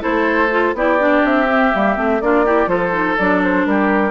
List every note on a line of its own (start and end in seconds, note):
0.00 0.74 A3
0.00 0.48 E4
0.00 0.74 A4
0.00 0.75 C5
0.51 0.75 F4
0.74 1.22 B3
0.74 0.99 E4
0.74 2.22 G4
0.74 1.25 D5
0.99 1.47 D4
1.24 1.72 C4
1.24 2.21 E5
1.49 1.73 C4
1.73 1.97 G3
1.73 1.96 A#3
1.96 2.21 A3
1.96 2.20 C4
2.21 2.66 A#3
2.21 2.46 D4
2.21 2.45 F4
2.21 2.68 D5
2.45 2.67 E4
2.45 2.69 G4
2.66 3.15 F3
2.66 2.92 F4
2.66 3.66 A4
2.66 3.17 C5
2.92 3.16 D#4
3.17 3.66 F#3
3.17 4.11 D4
3.17 3.42 D5
3.43 3.66 C5
3.66 4.11 G3
3.66 4.11 G4
3.66 4.11 A#4